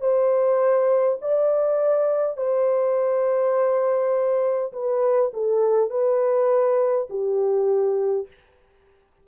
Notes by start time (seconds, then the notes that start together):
0.00 C5
1.21 D5
2.36 C5
4.72 B4
5.33 A4
5.90 B4
7.10 G4